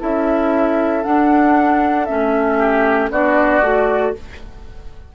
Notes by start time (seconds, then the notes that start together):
0.00 C#4 E4 A4 E5
1.03 D4 F#5
2.06 A3 C#4 E5
2.58 G4
3.10 B3 D4 F#4 D5
3.61 A3 F#4